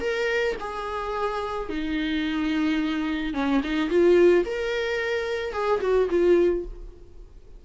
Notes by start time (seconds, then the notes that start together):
0.00 A#4
0.60 G#4
1.69 D#4
3.33 C#4
3.63 D#4
3.89 F4
4.45 A#4
5.53 G#4
5.80 F#4
6.10 F4